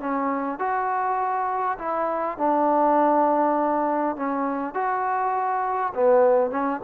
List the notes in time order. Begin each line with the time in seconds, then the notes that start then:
0.00 C#4
0.59 F#4
1.79 E4
2.38 D4
4.17 C#4
4.74 F#4
5.95 B3
6.51 C#4